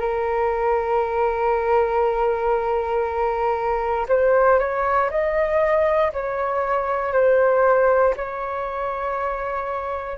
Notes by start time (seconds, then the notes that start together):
0.00 A#4
4.09 C5
4.59 C#5
5.10 D#5
6.13 C#5
7.13 C5
8.17 C#5